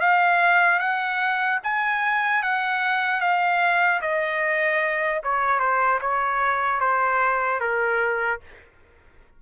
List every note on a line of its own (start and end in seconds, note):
0.00 0.79 F5
0.79 1.59 F#5
1.63 2.42 G#5
2.42 3.20 F#5
3.20 4.00 F5
4.01 5.21 D#5
5.23 5.59 C#5
5.59 5.99 C5
6.01 6.80 C#5
6.80 7.60 C5
7.60 8.40 A#4